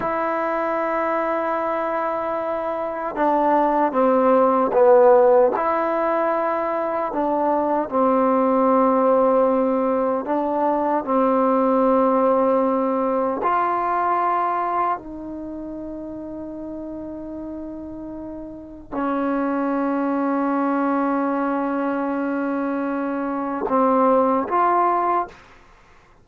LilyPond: \new Staff \with { instrumentName = "trombone" } { \time 4/4 \tempo 4 = 76 e'1 | d'4 c'4 b4 e'4~ | e'4 d'4 c'2~ | c'4 d'4 c'2~ |
c'4 f'2 dis'4~ | dis'1 | cis'1~ | cis'2 c'4 f'4 | }